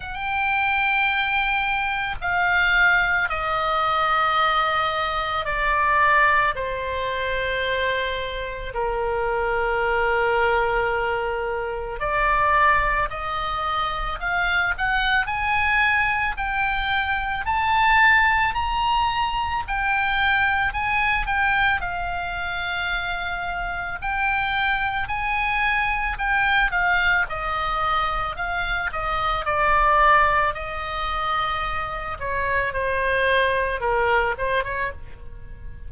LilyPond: \new Staff \with { instrumentName = "oboe" } { \time 4/4 \tempo 4 = 55 g''2 f''4 dis''4~ | dis''4 d''4 c''2 | ais'2. d''4 | dis''4 f''8 fis''8 gis''4 g''4 |
a''4 ais''4 g''4 gis''8 g''8 | f''2 g''4 gis''4 | g''8 f''8 dis''4 f''8 dis''8 d''4 | dis''4. cis''8 c''4 ais'8 c''16 cis''16 | }